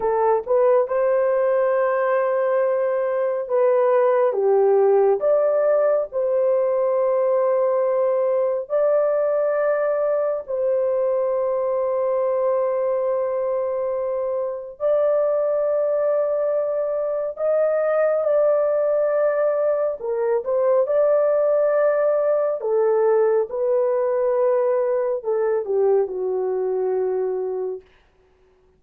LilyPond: \new Staff \with { instrumentName = "horn" } { \time 4/4 \tempo 4 = 69 a'8 b'8 c''2. | b'4 g'4 d''4 c''4~ | c''2 d''2 | c''1~ |
c''4 d''2. | dis''4 d''2 ais'8 c''8 | d''2 a'4 b'4~ | b'4 a'8 g'8 fis'2 | }